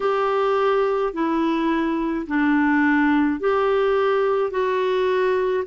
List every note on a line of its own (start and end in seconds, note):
0.00 1.13 G4
1.13 2.26 E4
2.26 3.40 D4
3.40 4.50 G4
4.50 5.63 F#4